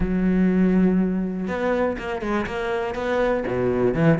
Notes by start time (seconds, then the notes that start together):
0.00 F#3
1.47 B3
1.98 A#3
2.21 G#3
2.46 A#3
2.94 B3
3.47 B2
3.94 E3